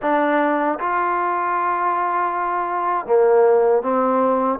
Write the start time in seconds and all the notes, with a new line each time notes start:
0.02 D4
0.79 F4
3.06 A#3
3.82 C4